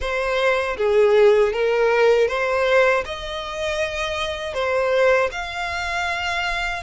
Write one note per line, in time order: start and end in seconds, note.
0.00 0.76 C5
0.77 1.53 G#4
1.53 2.28 A#4
2.28 3.04 C5
3.05 4.54 D#5
4.54 5.30 C5
5.31 6.83 F5